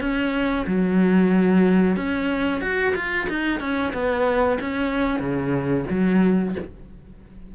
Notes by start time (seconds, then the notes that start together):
0.00 C#4
0.66 F#3
1.96 C#4
2.61 F#4
2.95 F4
3.29 D#4
3.60 C#4
3.93 B3
4.60 C#4
5.19 C#3
5.90 F#3